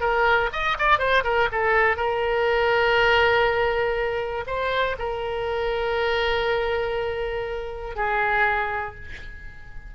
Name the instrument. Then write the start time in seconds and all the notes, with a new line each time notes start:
oboe
0.00 A#4
0.53 D#5
0.78 D5
0.98 C5
1.24 A#4
1.52 A4
1.97 A#4
4.46 C5
4.98 A#4
7.96 G#4